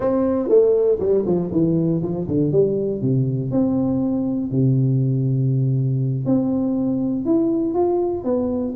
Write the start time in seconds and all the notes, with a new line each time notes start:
0.00 C4
0.49 A3
0.99 G3
1.25 F3
1.51 E3
2.02 F3
2.27 D3
2.51 G3
3.01 C3
3.51 C4
4.50 C3
6.25 C4
7.25 E4
7.74 F4
8.24 B3